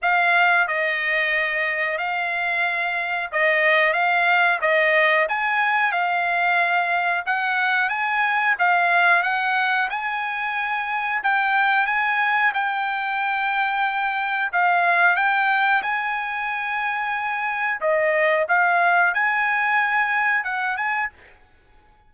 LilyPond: \new Staff \with { instrumentName = "trumpet" } { \time 4/4 \tempo 4 = 91 f''4 dis''2 f''4~ | f''4 dis''4 f''4 dis''4 | gis''4 f''2 fis''4 | gis''4 f''4 fis''4 gis''4~ |
gis''4 g''4 gis''4 g''4~ | g''2 f''4 g''4 | gis''2. dis''4 | f''4 gis''2 fis''8 gis''8 | }